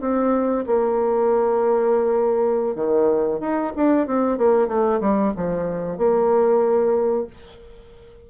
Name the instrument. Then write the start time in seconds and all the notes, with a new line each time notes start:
bassoon
0.00 C4
0.66 A#3
2.75 D#3
3.40 D#4
3.76 D4
4.06 C4
4.38 A#3
4.67 A3
5.00 G3
5.36 F3
5.97 A#3